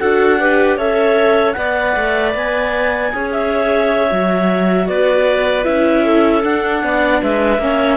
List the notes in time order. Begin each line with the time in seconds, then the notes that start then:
0.00 D4 F#4 A4 F#5
0.40 G4 B4
0.78 C#4 A4 C#5 E5
1.53 B3 B4 D5 F#5
1.97 A3
2.35 B3 G#5
3.12 C#4 G#4 C#5
3.33 E5
4.11 F#3 F#4
4.88 B3 B4 D5
5.64 C#4 E4 E5
6.05 A4
6.43 D4 F#5
6.83 B3 D5
7.22 G#3 B4 E5
7.59 A#3 C#4 C#5